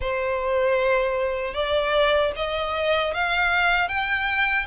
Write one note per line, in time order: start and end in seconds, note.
0.00 1.54 C5
1.54 2.32 D5
2.36 3.14 D#5
3.14 3.88 F5
3.88 4.66 G5